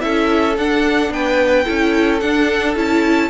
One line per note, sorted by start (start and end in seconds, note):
0.00 0.57 C#4
0.00 0.55 E4
0.00 1.13 A4
0.00 0.55 E5
0.57 1.10 D4
0.57 1.65 D4
0.57 1.12 F#5
1.10 1.64 B3
1.10 1.65 B4
1.10 2.20 G5
1.65 2.22 C#4
1.65 2.19 E4
1.65 3.29 A4
2.20 2.75 D4
2.20 2.76 D4
2.20 2.74 F#5
2.75 3.29 C#4
2.75 3.29 E4
2.75 3.29 A5